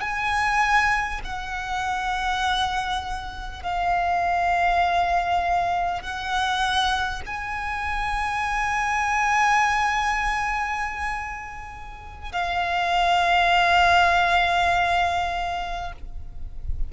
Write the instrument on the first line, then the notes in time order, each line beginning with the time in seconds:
violin
0.00 G#5
1.24 F#5
3.63 F5
6.02 F#5
7.25 G#5
12.32 F5